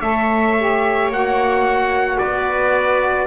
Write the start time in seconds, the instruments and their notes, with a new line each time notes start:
0.00 double bass A3, saxophone A4, viola C#5, trumpet E5
0.59 saxophone G4
1.09 double bass A#3, saxophone F#4, trumpet F#5
2.18 double bass B3, viola B4, trumpet D5